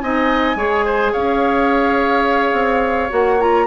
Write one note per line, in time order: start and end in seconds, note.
0.00 0.56 C4
0.00 0.56 D#4
0.00 0.57 D#5
0.00 1.13 G#5
0.56 1.12 G#3
0.56 3.09 G#4
0.56 0.85 C#5
0.85 1.12 C5
1.12 2.53 C#4
1.12 3.66 C#5
1.12 3.11 F5
2.53 3.09 C4
3.09 3.66 A#3
3.09 3.38 F#4
3.09 3.41 F#5
3.40 3.66 F4
3.40 3.66 A#5